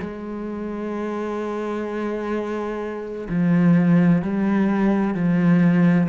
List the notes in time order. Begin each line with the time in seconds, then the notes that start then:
0.00 G#3
3.29 F3
4.22 G3
5.14 F3